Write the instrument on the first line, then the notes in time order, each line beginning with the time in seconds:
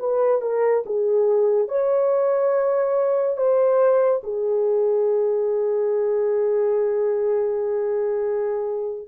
horn
0.00 B4
0.42 A#4
0.86 G#4
1.69 C#5
3.38 C5
4.24 G#4